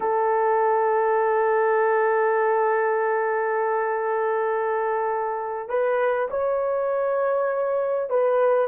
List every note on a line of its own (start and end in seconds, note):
0.00 5.68 A4
5.68 6.28 B4
6.30 8.09 C#5
8.09 8.68 B4